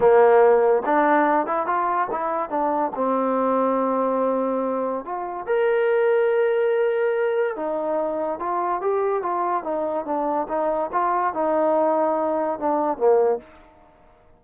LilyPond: \new Staff \with { instrumentName = "trombone" } { \time 4/4 \tempo 4 = 143 ais2 d'4. e'8 | f'4 e'4 d'4 c'4~ | c'1 | f'4 ais'2.~ |
ais'2 dis'2 | f'4 g'4 f'4 dis'4 | d'4 dis'4 f'4 dis'4~ | dis'2 d'4 ais4 | }